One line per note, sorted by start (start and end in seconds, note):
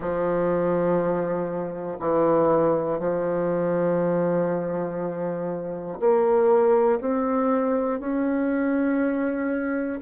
0.00 1.98 F3
1.99 2.99 E3
2.99 5.99 F3
5.99 6.99 A#3
7.00 7.99 C4
7.99 9.99 C#4